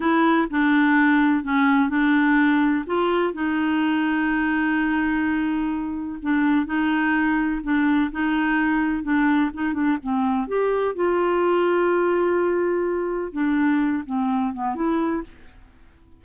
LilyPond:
\new Staff \with { instrumentName = "clarinet" } { \time 4/4 \tempo 4 = 126 e'4 d'2 cis'4 | d'2 f'4 dis'4~ | dis'1~ | dis'4 d'4 dis'2 |
d'4 dis'2 d'4 | dis'8 d'8 c'4 g'4 f'4~ | f'1 | d'4. c'4 b8 e'4 | }